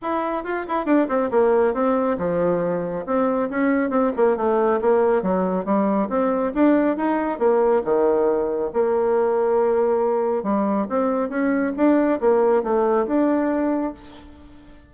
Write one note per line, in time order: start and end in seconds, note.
0.02 0.43 E4
0.43 0.65 F4
0.67 0.85 E4
0.85 1.07 D4
1.08 1.30 C4
1.30 1.74 A#3
1.74 2.17 C4
2.18 3.05 F3
3.06 3.49 C4
3.50 3.90 C#4
3.90 4.11 C4
4.16 4.37 A#3
4.37 4.80 A3
4.81 5.22 A#3
5.22 5.65 F#3
5.65 6.08 G3
6.09 6.52 C4
6.54 6.97 D4
6.97 7.39 D#4
7.39 7.82 A#3
7.84 8.71 D#3
8.73 10.43 A#3
10.43 10.86 G3
10.89 11.29 C4
11.29 11.72 C#4
11.76 12.20 D4
12.20 12.63 A#3
12.63 13.06 A3
13.06 13.93 D4